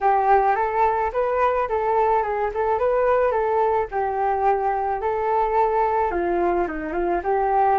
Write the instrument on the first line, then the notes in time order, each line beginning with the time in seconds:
flute
0.00 G4
0.55 A4
1.12 B4
1.68 A4
2.22 G#4
2.54 A4
2.78 B4
3.31 A4
3.91 G4
5.01 A4
6.11 F4
6.67 D#4
6.93 F4
7.23 G4